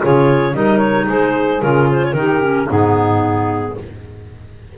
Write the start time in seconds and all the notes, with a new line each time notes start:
0.00 C#3 F4 G#4 C#5
0.52 G3 D#4 A#4 D#5
0.78 C#5
1.05 G#3 G#4 C5
1.61 C#3 F4 A#4
1.91 C5
2.04 C#5
2.13 D#3 D#4 G4 A#4
2.41 C#4
2.67 G#2 B3 D#4 G#4